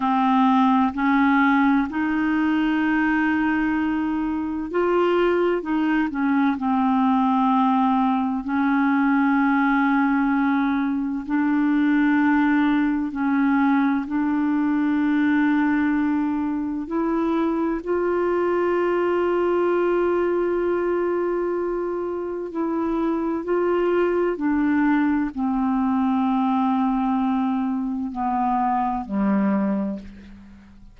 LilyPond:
\new Staff \with { instrumentName = "clarinet" } { \time 4/4 \tempo 4 = 64 c'4 cis'4 dis'2~ | dis'4 f'4 dis'8 cis'8 c'4~ | c'4 cis'2. | d'2 cis'4 d'4~ |
d'2 e'4 f'4~ | f'1 | e'4 f'4 d'4 c'4~ | c'2 b4 g4 | }